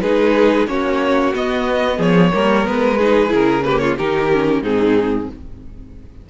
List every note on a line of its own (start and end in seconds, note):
0.00 0.67 G#3
0.00 0.66 D#4
0.00 0.68 G#4
0.00 0.66 B4
0.66 1.33 A#3
0.66 1.32 C#4
0.66 1.97 F#4
0.66 1.33 C#5
1.33 2.31 B3
1.33 1.98 B3
1.33 2.01 D#5
1.97 2.31 F3
1.97 2.30 G#4
1.97 2.66 C#5
2.31 2.66 G3
2.31 2.64 A#3
2.31 2.98 A#4
2.64 3.32 G#3
2.64 2.97 B3
2.64 3.32 B4
2.98 3.28 D#4
2.98 3.64 G#4
3.28 3.98 C#3
3.28 3.61 E4
3.28 3.64 A#4
3.64 3.97 A#3
3.64 3.81 G4
3.64 3.78 B4
3.78 3.97 F4
3.78 3.95 C#5
3.97 4.60 D#3
3.97 4.30 D#4
3.97 4.62 G4
3.97 4.62 A#4
4.32 4.63 C#4
4.60 5.26 G#2
4.60 5.29 C4
4.60 5.27 D#4
4.60 5.28 G#4